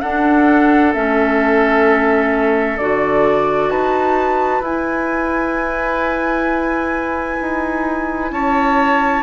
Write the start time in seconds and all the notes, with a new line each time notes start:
0.00 D4 A4 F#5
0.93 A3 C#4 E5
2.77 D3 F#4 D5
3.69 D#4 B4 A5
4.61 E4 G#5
7.41 D#4
8.31 C#4 C#5 A5